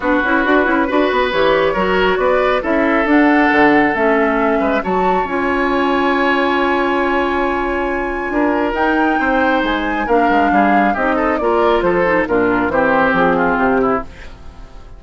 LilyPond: <<
  \new Staff \with { instrumentName = "flute" } { \time 4/4 \tempo 4 = 137 b'2. cis''4~ | cis''4 d''4 e''4 fis''4~ | fis''4 e''2 a''4 | gis''1~ |
gis''1 | g''2 gis''4 f''4~ | f''4 dis''4 d''4 c''4 | ais'4 c''4 gis'4 g'4 | }
  \new Staff \with { instrumentName = "oboe" } { \time 4/4 fis'2 b'2 | ais'4 b'4 a'2~ | a'2~ a'8 b'8 cis''4~ | cis''1~ |
cis''2. ais'4~ | ais'4 c''2 ais'4 | gis'4 g'8 a'8 ais'4 a'4 | f'4 g'4. f'4 e'8 | }
  \new Staff \with { instrumentName = "clarinet" } { \time 4/4 d'8 e'8 fis'8 e'8 fis'4 g'4 | fis'2 e'4 d'4~ | d'4 cis'2 fis'4 | f'1~ |
f'1 | dis'2. d'4~ | d'4 dis'4 f'4. dis'8 | d'4 c'2. | }
  \new Staff \with { instrumentName = "bassoon" } { \time 4/4 b8 cis'8 d'8 cis'8 d'8 b8 e4 | fis4 b4 cis'4 d'4 | d4 a4. gis8 fis4 | cis'1~ |
cis'2. d'4 | dis'4 c'4 gis4 ais8 gis8 | g4 c'4 ais4 f4 | ais,4 e4 f4 c4 | }
>>